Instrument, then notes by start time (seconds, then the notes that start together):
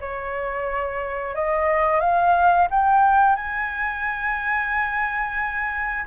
flute
0.00 C#5
1.35 D#5
2.00 F5
2.71 G5
3.36 G#5